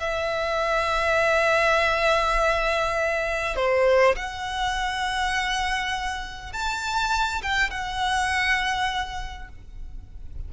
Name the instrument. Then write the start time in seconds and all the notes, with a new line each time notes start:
violin
0.00 E5
3.56 C5
4.16 F#5
6.53 A5
7.42 G5
7.70 F#5